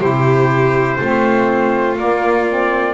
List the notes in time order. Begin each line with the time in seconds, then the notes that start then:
0.00 C3 E4 G4 C5
0.98 A3 C4 F4
1.97 A#3 D5
2.49 C4